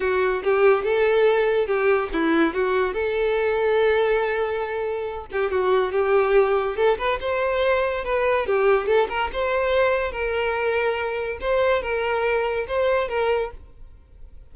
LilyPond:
\new Staff \with { instrumentName = "violin" } { \time 4/4 \tempo 4 = 142 fis'4 g'4 a'2 | g'4 e'4 fis'4 a'4~ | a'1~ | a'8 g'8 fis'4 g'2 |
a'8 b'8 c''2 b'4 | g'4 a'8 ais'8 c''2 | ais'2. c''4 | ais'2 c''4 ais'4 | }